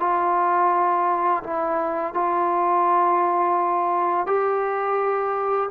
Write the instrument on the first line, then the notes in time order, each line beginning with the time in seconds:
trombone
0.00 F4
1.44 E4
2.14 F4
4.27 G4